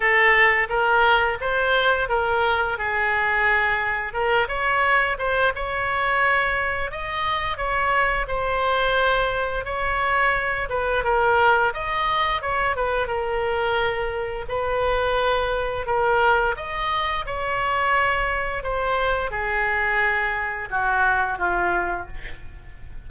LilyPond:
\new Staff \with { instrumentName = "oboe" } { \time 4/4 \tempo 4 = 87 a'4 ais'4 c''4 ais'4 | gis'2 ais'8 cis''4 c''8 | cis''2 dis''4 cis''4 | c''2 cis''4. b'8 |
ais'4 dis''4 cis''8 b'8 ais'4~ | ais'4 b'2 ais'4 | dis''4 cis''2 c''4 | gis'2 fis'4 f'4 | }